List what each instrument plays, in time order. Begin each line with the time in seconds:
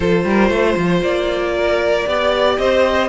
0.00 cello F3, viola F4, violin A4 C5
0.24 cello G3, violin A#4
0.49 cello A3, violin C5
0.76 cello F3
1.02 cello A#3, violin D5
1.56 violin A#4
2.06 cello B3, viola G4, violin D5
2.57 cello C4, violin C5 D#5